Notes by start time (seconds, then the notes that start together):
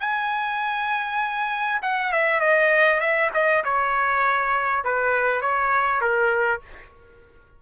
0.00 G#5
1.82 F#5
2.12 E5
2.40 D#5
3.00 E5
3.34 D#5
3.64 C#5
4.84 B4
5.41 C#5
6.01 A#4